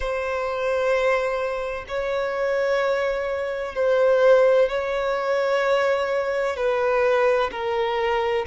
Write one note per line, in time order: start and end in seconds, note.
0.00 1.85 C5
1.87 3.75 C#5
3.75 4.68 C5
4.68 6.56 C#5
6.56 7.50 B4
7.51 8.45 A#4